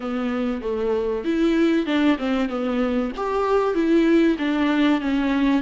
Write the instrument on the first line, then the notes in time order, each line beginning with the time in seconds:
viola
0.00 B3
0.61 A3
1.24 E4
1.86 D4
2.18 C4
2.49 B3
3.16 G4
3.74 E4
4.38 D4
5.01 C#4